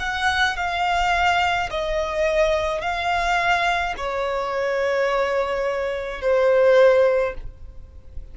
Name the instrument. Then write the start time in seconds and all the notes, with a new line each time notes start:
violin
0.00 F#5
0.57 F5
1.71 D#5
2.81 F5
3.98 C#5
6.22 C5